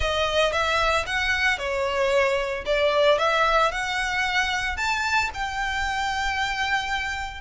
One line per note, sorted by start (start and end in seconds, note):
0.00 0.52 D#5
0.52 1.05 E5
1.06 1.58 F#5
1.58 2.64 C#5
2.65 3.18 D5
3.18 3.71 E5
3.71 4.76 F#5
4.76 5.30 A5
5.34 7.41 G5